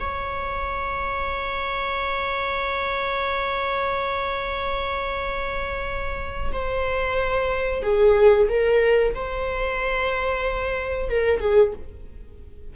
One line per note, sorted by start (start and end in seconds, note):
0.00 6.52 C#5
6.52 7.83 C5
7.83 8.48 G#4
8.49 9.14 A#4
9.15 11.09 C5
11.09 11.40 A#4
11.40 11.73 G#4